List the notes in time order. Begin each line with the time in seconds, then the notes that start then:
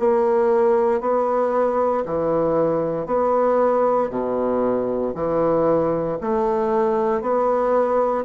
0.00 A#3
1.01 B3
2.06 E3
3.07 B3
4.10 B2
5.15 E3
6.21 A3
7.22 B3